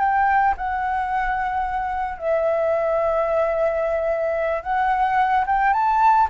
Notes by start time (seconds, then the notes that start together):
0.00 G5
0.58 F#5
2.18 E5
4.63 F#5
5.47 G5
5.73 A5